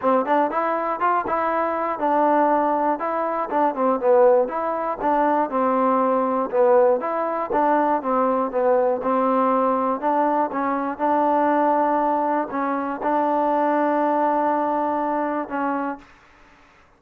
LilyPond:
\new Staff \with { instrumentName = "trombone" } { \time 4/4 \tempo 4 = 120 c'8 d'8 e'4 f'8 e'4. | d'2 e'4 d'8 c'8 | b4 e'4 d'4 c'4~ | c'4 b4 e'4 d'4 |
c'4 b4 c'2 | d'4 cis'4 d'2~ | d'4 cis'4 d'2~ | d'2. cis'4 | }